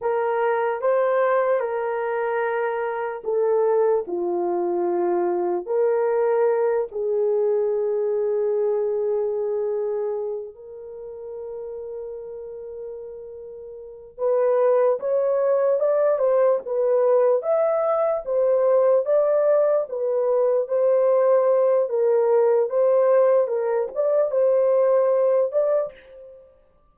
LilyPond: \new Staff \with { instrumentName = "horn" } { \time 4/4 \tempo 4 = 74 ais'4 c''4 ais'2 | a'4 f'2 ais'4~ | ais'8 gis'2.~ gis'8~ | gis'4 ais'2.~ |
ais'4. b'4 cis''4 d''8 | c''8 b'4 e''4 c''4 d''8~ | d''8 b'4 c''4. ais'4 | c''4 ais'8 d''8 c''4. d''8 | }